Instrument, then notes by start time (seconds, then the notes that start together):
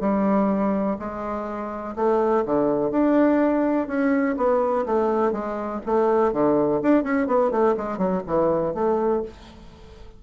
bassoon
0.00 G3
0.99 G#3
1.96 A3
2.45 D3
2.91 D4
3.87 C#4
4.37 B3
4.86 A3
5.32 G#3
5.85 A3
6.33 D3
6.82 D4
7.03 C#4
7.27 B3
7.51 A3
7.77 G#3
7.98 F#3
8.26 E3
8.74 A3